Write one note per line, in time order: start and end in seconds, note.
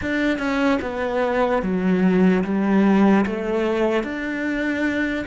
0.01 0.38 D4
0.38 0.79 C#4
0.81 1.62 B3
1.62 2.43 F#3
2.44 3.25 G3
3.26 4.03 A3
4.03 5.25 D4